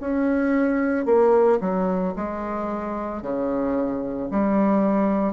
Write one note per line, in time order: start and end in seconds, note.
0.00 1.05 C#4
1.05 1.59 A#3
1.60 2.14 F#3
2.16 3.21 G#3
3.21 4.29 C#3
4.31 5.33 G3